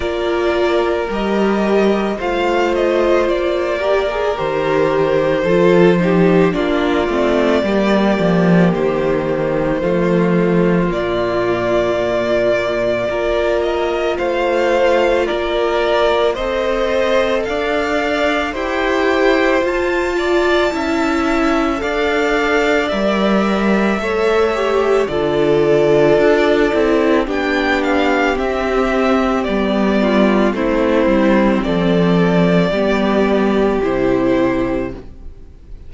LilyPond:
<<
  \new Staff \with { instrumentName = "violin" } { \time 4/4 \tempo 4 = 55 d''4 dis''4 f''8 dis''8 d''4 | c''2 d''2 | c''2 d''2~ | d''8 dis''8 f''4 d''4 c''4 |
f''4 g''4 a''2 | f''4 e''2 d''4~ | d''4 g''8 f''8 e''4 d''4 | c''4 d''2 c''4 | }
  \new Staff \with { instrumentName = "violin" } { \time 4/4 ais'2 c''4. ais'8~ | ais'4 a'8 g'8 f'4 g'4~ | g'4 f'2. | ais'4 c''4 ais'4 dis''4 |
d''4 c''4. d''8 e''4 | d''2 cis''4 a'4~ | a'4 g'2~ g'8 f'8 | e'4 a'4 g'2 | }
  \new Staff \with { instrumentName = "viola" } { \time 4/4 f'4 g'4 f'4. g'16 gis'16 | g'4 f'8 dis'8 d'8 c'8 ais4~ | ais4 a4 ais2 | f'2. a'4~ |
a'4 g'4 f'4 e'4 | a'4 ais'4 a'8 g'8 f'4~ | f'8 e'8 d'4 c'4 b4 | c'2 b4 e'4 | }
  \new Staff \with { instrumentName = "cello" } { \time 4/4 ais4 g4 a4 ais4 | dis4 f4 ais8 a8 g8 f8 | dis4 f4 ais,2 | ais4 a4 ais4 c'4 |
d'4 e'4 f'4 cis'4 | d'4 g4 a4 d4 | d'8 c'8 b4 c'4 g4 | a8 g8 f4 g4 c4 | }
>>